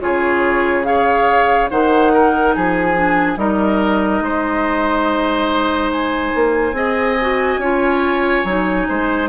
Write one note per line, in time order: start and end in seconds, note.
0.00 1.71 C#3
0.00 0.85 F4
0.00 0.87 G#4
0.00 0.84 C#5
0.84 1.69 G#4
0.84 1.70 C#5
0.84 1.69 F5
1.70 2.56 D#3
1.70 2.95 D#4
1.70 2.12 C5
1.70 2.55 F#5
2.14 2.56 A#4
2.56 3.37 F3
2.56 3.39 G#4
2.56 3.38 G#5
2.95 3.37 D4
3.37 4.21 G3
3.37 6.75 D#4
3.37 4.23 A#4
3.37 5.92 D#5
4.21 6.32 G#3
4.21 6.76 C5
5.92 9.29 G#5
6.35 6.73 A#3
6.73 7.57 C4
6.73 7.17 G#4
6.73 7.61 D#5
7.21 7.62 F#4
7.58 8.42 C#4
7.58 8.47 F4
7.58 8.87 C#5
8.44 8.87 F#3
8.44 9.29 D#4
8.89 9.29 G#3
8.89 9.29 C5